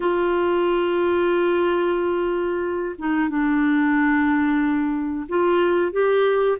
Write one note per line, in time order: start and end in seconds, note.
0.00 2.95 F4
2.98 3.29 D#4
3.29 5.27 D4
5.29 5.92 F4
5.92 6.58 G4